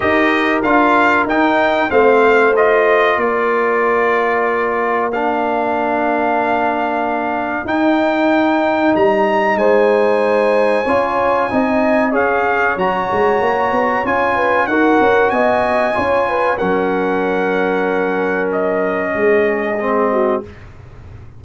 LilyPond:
<<
  \new Staff \with { instrumentName = "trumpet" } { \time 4/4 \tempo 4 = 94 dis''4 f''4 g''4 f''4 | dis''4 d''2. | f''1 | g''2 ais''4 gis''4~ |
gis''2. f''4 | ais''2 gis''4 fis''4 | gis''2 fis''2~ | fis''4 dis''2. | }
  \new Staff \with { instrumentName = "horn" } { \time 4/4 ais'2. c''4~ | c''4 ais'2.~ | ais'1~ | ais'2. c''4~ |
c''4 cis''4 dis''4 cis''4~ | cis''2~ cis''8 b'8 ais'4 | dis''4 cis''8 b'8 ais'2~ | ais'2 gis'4. fis'8 | }
  \new Staff \with { instrumentName = "trombone" } { \time 4/4 g'4 f'4 dis'4 c'4 | f'1 | d'1 | dis'1~ |
dis'4 f'4 dis'4 gis'4 | fis'2 f'4 fis'4~ | fis'4 f'4 cis'2~ | cis'2. c'4 | }
  \new Staff \with { instrumentName = "tuba" } { \time 4/4 dis'4 d'4 dis'4 a4~ | a4 ais2.~ | ais1 | dis'2 g4 gis4~ |
gis4 cis'4 c'4 cis'4 | fis8 gis8 ais8 b8 cis'4 dis'8 cis'8 | b4 cis'4 fis2~ | fis2 gis2 | }
>>